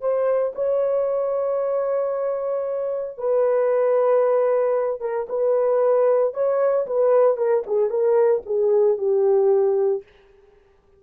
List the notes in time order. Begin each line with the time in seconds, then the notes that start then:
0.00 C5
0.55 C#5
3.17 B4
5.00 A#4
5.29 B4
6.33 C#5
6.86 B4
7.37 A#4
7.66 G#4
7.89 A#4
8.45 G#4
8.97 G4